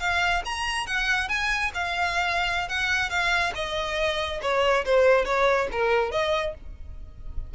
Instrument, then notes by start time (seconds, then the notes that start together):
violin
0.00 F5
0.45 A#5
0.87 F#5
1.29 G#5
1.74 F5
2.69 F#5
3.10 F5
3.55 D#5
4.42 C#5
4.85 C5
5.25 C#5
5.72 A#4
6.11 D#5